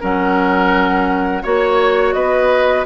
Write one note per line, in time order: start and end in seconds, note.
0.00 1.45 F#3
0.00 1.43 C#4
0.00 1.42 A#4
0.00 1.44 F#5
1.42 2.14 A#3
1.42 2.85 F#4
1.42 2.14 C#5
1.42 2.13 C#5
2.13 2.85 B3
2.13 2.86 B4
2.13 2.84 D#5